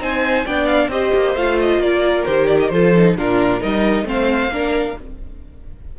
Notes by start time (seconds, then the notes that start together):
0.00 C4 D#4 C5 G#5
0.46 B3 D4 D5 G5
0.66 F5
0.88 C4 G4 C5 D#5
1.15 A#3
1.36 A3 F4 F5
1.61 D#5
1.78 A#3 A#4 D5
2.25 D#3 G4 C5
2.47 D5
2.60 D#5
2.69 F3 F4 A4 C5
2.97 D#4
3.17 A#2 D4 F4 A#4
3.60 G3 D#4 A#4 D#5
4.04 A3 C4 C5 F5
4.48 A#3 D4 A#4